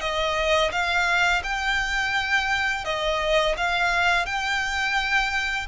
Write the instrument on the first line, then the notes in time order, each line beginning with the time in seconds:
violin
0.00 D#5
0.71 F5
1.43 G5
2.84 D#5
3.57 F5
4.25 G5